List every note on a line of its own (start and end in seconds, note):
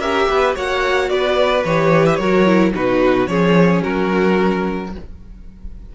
0.00 0.27 C#4
0.00 0.55 G4
0.00 0.29 A#4
0.00 0.55 E5
0.29 0.57 B3
0.29 0.56 B4
0.55 1.10 A#3
0.55 1.64 F#4
0.55 1.10 C#5
0.55 1.09 F#5
1.09 1.65 B3
1.09 2.19 B4
1.09 1.64 D5
1.65 2.19 E3
1.65 2.20 G4
1.65 2.06 C#5
2.06 2.16 E5
2.16 2.73 F#3
2.16 2.46 F#4
2.16 2.74 A#4
2.16 2.70 C#5
2.46 2.74 E4
2.74 3.28 B2
2.74 3.28 D#4
2.74 3.30 F#4
2.74 3.27 B4
3.27 3.82 F3
3.27 4.91 C#4
3.27 3.84 G#4
3.27 3.82 C#5
3.84 4.95 F#3
3.84 4.93 F#4
3.84 4.93 A#4